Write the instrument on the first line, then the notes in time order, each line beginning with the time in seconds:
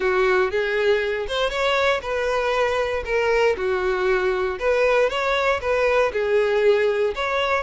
violin
0.00 F#4
0.50 G#4
1.28 C5
1.50 C#5
2.02 B4
3.05 A#4
3.57 F#4
4.59 B4
5.09 C#5
5.61 B4
6.12 G#4
7.15 C#5